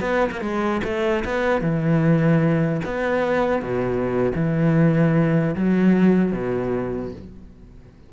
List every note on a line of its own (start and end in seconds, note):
0.00 0.30 B3
0.31 0.41 A#3
0.41 0.81 G#3
0.83 1.23 A3
1.25 1.61 B3
1.61 2.81 E3
2.84 3.62 B3
3.62 4.32 B2
4.35 5.55 E3
5.55 6.32 F#3
6.32 7.12 B2